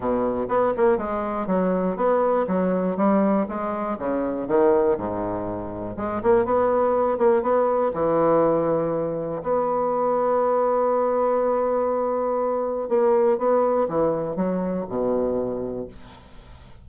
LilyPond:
\new Staff \with { instrumentName = "bassoon" } { \time 4/4 \tempo 4 = 121 b,4 b8 ais8 gis4 fis4 | b4 fis4 g4 gis4 | cis4 dis4 gis,2 | gis8 ais8 b4. ais8 b4 |
e2. b4~ | b1~ | b2 ais4 b4 | e4 fis4 b,2 | }